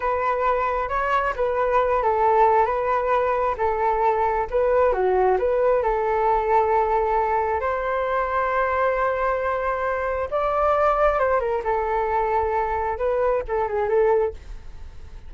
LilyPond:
\new Staff \with { instrumentName = "flute" } { \time 4/4 \tempo 4 = 134 b'2 cis''4 b'4~ | b'8 a'4. b'2 | a'2 b'4 fis'4 | b'4 a'2.~ |
a'4 c''2.~ | c''2. d''4~ | d''4 c''8 ais'8 a'2~ | a'4 b'4 a'8 gis'8 a'4 | }